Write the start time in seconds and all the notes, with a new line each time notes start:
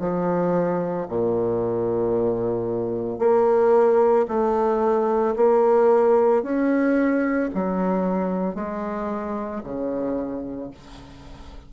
0.00 F3
1.09 A#2
3.19 A#3
4.29 A3
5.37 A#3
6.43 C#4
7.55 F#3
8.55 G#3
9.64 C#3